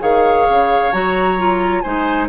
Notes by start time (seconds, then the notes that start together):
0.00 D#3 G#4 C#5 F5
0.48 C#3
0.92 F#3 F#4 A#5
1.38 F4
1.81 G#3 D#4 C5 G#5